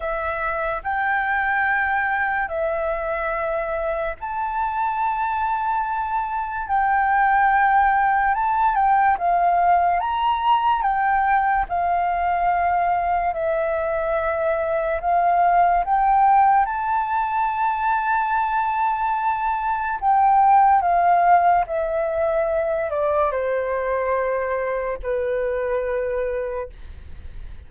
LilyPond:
\new Staff \with { instrumentName = "flute" } { \time 4/4 \tempo 4 = 72 e''4 g''2 e''4~ | e''4 a''2. | g''2 a''8 g''8 f''4 | ais''4 g''4 f''2 |
e''2 f''4 g''4 | a''1 | g''4 f''4 e''4. d''8 | c''2 b'2 | }